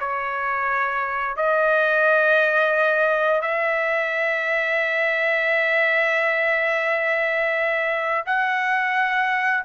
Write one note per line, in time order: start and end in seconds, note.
0.00 1.36 C#5
1.36 3.42 D#5
3.42 8.24 E5
8.26 9.64 F#5